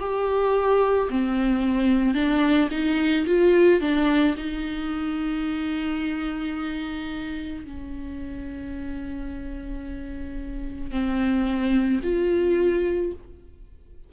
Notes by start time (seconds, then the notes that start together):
0.00 G4
1.10 C4
2.15 D4
2.71 D#4
3.27 F4
3.81 D4
4.37 D#4
7.65 C#4
10.91 C4
12.03 F4